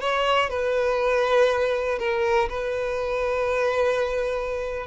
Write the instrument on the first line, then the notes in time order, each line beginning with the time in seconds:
violin
0.00 C#5
0.49 B4
1.98 A#4
2.49 B4